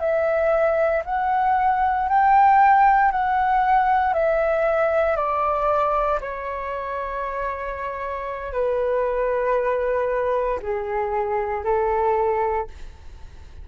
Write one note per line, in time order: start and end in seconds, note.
0.00 1.03 E5
1.05 2.09 F#5
2.09 3.12 G5
3.12 4.14 F#5
4.14 5.16 E5
5.16 6.20 D5
6.21 8.53 C#5
8.53 10.60 B4
10.63 11.65 G#4
11.65 12.68 A4